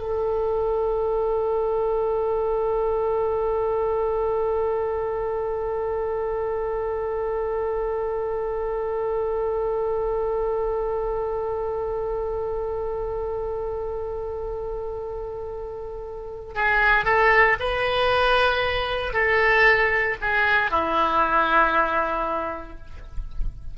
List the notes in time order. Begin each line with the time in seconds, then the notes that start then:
0.00 A4
16.56 G#4
17.05 A4
17.60 B4
19.14 A4
20.21 G#4
20.71 E4